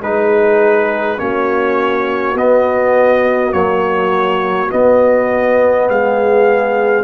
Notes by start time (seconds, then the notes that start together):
0.00 G#3 D#4 G#4 B4
1.18 A#3 C#4 F#4 C#5
2.34 B3 D#5
3.52 F#3 A#3 C#5
4.69 B3 D#5
5.89 G#3 G#4 F5